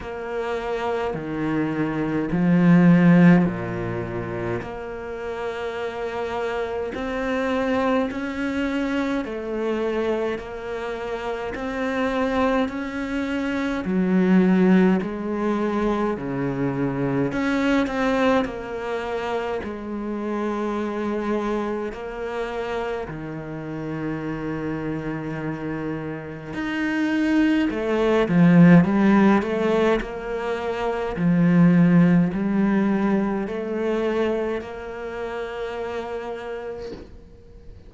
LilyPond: \new Staff \with { instrumentName = "cello" } { \time 4/4 \tempo 4 = 52 ais4 dis4 f4 ais,4 | ais2 c'4 cis'4 | a4 ais4 c'4 cis'4 | fis4 gis4 cis4 cis'8 c'8 |
ais4 gis2 ais4 | dis2. dis'4 | a8 f8 g8 a8 ais4 f4 | g4 a4 ais2 | }